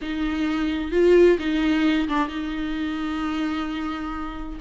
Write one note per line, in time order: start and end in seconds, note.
0.01 0.91 D#4
0.91 1.37 F4
1.38 2.08 D#4
2.08 2.28 D4
2.28 4.59 D#4